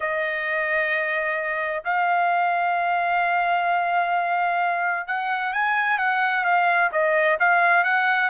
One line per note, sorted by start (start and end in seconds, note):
0.00 1.83 D#5
1.84 5.07 F5
5.07 5.53 F#5
5.53 5.98 G#5
5.98 6.44 F#5
6.44 6.90 F5
6.91 7.38 D#5
7.39 7.84 F5
7.84 8.29 F#5